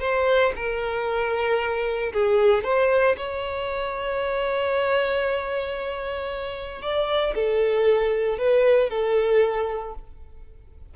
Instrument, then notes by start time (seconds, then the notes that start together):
violin
0.00 C5
0.56 A#4
2.13 G#4
2.64 C5
3.17 C#5
6.82 D5
7.35 A4
8.39 B4
8.90 A4